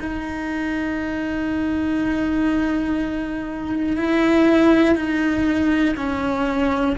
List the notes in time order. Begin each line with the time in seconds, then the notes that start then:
0.00 D#4
3.96 E4
4.95 D#4
5.96 C#4